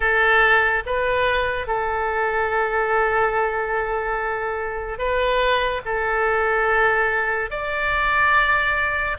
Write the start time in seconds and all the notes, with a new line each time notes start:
0.00 A4
0.86 B4
1.67 A4
4.98 B4
5.85 A4
7.50 D5